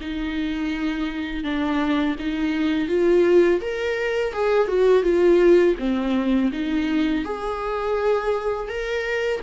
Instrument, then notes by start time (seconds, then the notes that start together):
viola
0.00 D#4
1.43 D4
2.19 D#4
2.88 F4
3.60 A#4
4.33 G#4
4.67 F#4
5.02 F4
5.79 C4
6.52 D#4
7.24 G#4
8.68 A#4